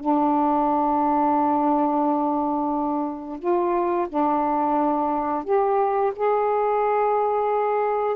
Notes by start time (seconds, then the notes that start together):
0.00 D4
3.39 F4
4.09 D4
5.45 G4
6.16 G#4